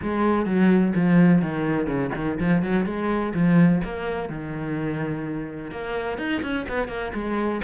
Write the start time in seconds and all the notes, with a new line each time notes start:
0.02 G#3
0.45 F#3
0.95 F3
1.42 D#3
1.86 C#3
2.15 D#3
2.39 F3
2.62 F#3
2.85 G#3
3.34 F3
3.83 A#3
4.29 D#3
5.71 A#3
6.18 D#4
6.42 C#4
6.68 B3
6.88 A#3
7.14 G#3